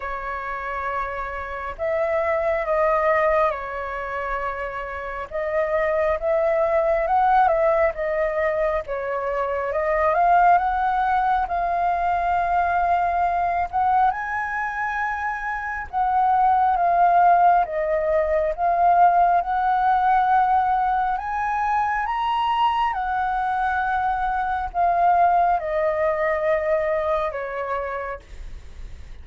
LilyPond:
\new Staff \with { instrumentName = "flute" } { \time 4/4 \tempo 4 = 68 cis''2 e''4 dis''4 | cis''2 dis''4 e''4 | fis''8 e''8 dis''4 cis''4 dis''8 f''8 | fis''4 f''2~ f''8 fis''8 |
gis''2 fis''4 f''4 | dis''4 f''4 fis''2 | gis''4 ais''4 fis''2 | f''4 dis''2 cis''4 | }